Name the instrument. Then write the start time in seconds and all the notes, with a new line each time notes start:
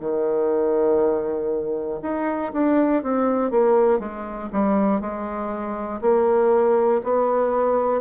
bassoon
0.00 D#3
2.02 D#4
2.53 D4
3.02 C4
3.51 A#3
3.99 G#3
4.52 G3
5.00 G#3
6.01 A#3
7.04 B3